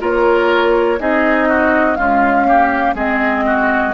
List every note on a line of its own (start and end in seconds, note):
0.00 1.00 A#3
0.00 0.98 F4
0.00 0.99 A#4
0.00 1.00 C#5
0.99 1.98 C4
0.99 1.96 D#4
0.99 1.49 G#4
0.99 1.95 D#5
1.49 1.98 F#4
1.95 2.45 G#3
1.95 2.94 C#4
1.95 2.47 F4
1.95 2.94 F5
2.46 2.95 A#3
2.46 2.95 G4
2.94 3.93 G#3
2.94 3.94 C4
2.94 3.44 G#4
2.94 3.94 D#5
3.46 3.94 F#4